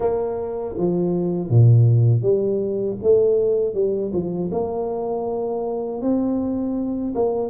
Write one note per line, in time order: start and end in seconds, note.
0.00 0.75 A#3
0.77 1.49 F3
1.49 2.22 A#2
2.22 2.97 G3
3.02 3.74 A3
3.74 4.11 G3
4.12 4.50 F3
4.51 6.01 A#3
6.01 7.14 C4
7.15 7.49 A#3